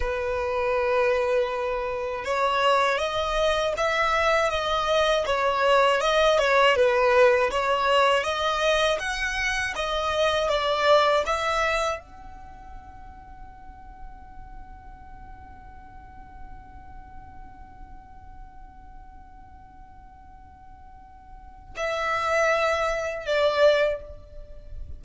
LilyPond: \new Staff \with { instrumentName = "violin" } { \time 4/4 \tempo 4 = 80 b'2. cis''4 | dis''4 e''4 dis''4 cis''4 | dis''8 cis''8 b'4 cis''4 dis''4 | fis''4 dis''4 d''4 e''4 |
fis''1~ | fis''1~ | fis''1~ | fis''4 e''2 d''4 | }